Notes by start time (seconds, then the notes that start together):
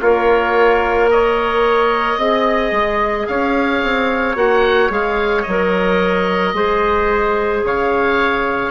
0.00 A#3 F4 A#4 C#5
1.10 C#5 D#5
2.17 C4 G#4 D#5
2.71 G#3
3.27 C#4 C#5 F5
3.82 C4
4.35 A#3 F#4 F#5
4.89 G#3 G#4 F5
5.42 F#3 D#5
5.49 A#4
6.53 G#3 G#4 C5
7.64 C#3 C#5 F5